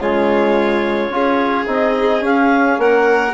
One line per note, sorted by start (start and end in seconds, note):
0.00 1.10 C#3
0.00 1.12 G#3
0.00 1.14 F4
0.00 1.69 C#5
1.10 1.66 C#4
1.10 1.67 F4
1.10 2.81 G#4
1.67 2.23 C4
1.67 2.20 D#4
1.67 2.25 D#5
2.20 3.33 C#4
2.20 2.79 C#4
2.20 2.80 F5
2.79 3.34 A#3
2.79 3.34 A#4
2.79 3.34 F#5